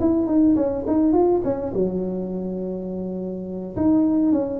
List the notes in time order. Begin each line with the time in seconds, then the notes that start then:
0.00 E4
0.26 D#4
0.56 C#4
0.87 D#4
1.12 F4
1.44 C#4
1.74 F#3
3.76 D#4
4.32 C#4